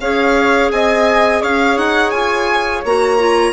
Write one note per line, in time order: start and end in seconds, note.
0.00 0.71 C#4
0.00 2.84 G#4
0.00 0.71 C#5
0.00 0.71 F5
0.71 1.42 C4
0.71 1.42 D#5
0.71 1.42 G#5
1.42 1.77 C#4
1.42 3.52 C#5
1.42 1.78 F5
1.77 2.12 D#4
1.77 2.10 F#5
2.10 2.83 F4
2.10 2.81 G#5
2.84 3.52 A#3
2.84 3.18 F#4
2.84 3.52 A#5
3.18 3.52 F4